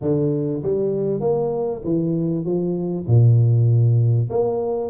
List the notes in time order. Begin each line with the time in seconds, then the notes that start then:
0.01 D3
0.62 G3
1.20 A#3
1.84 E3
2.45 F3
3.06 A#2
4.29 A#3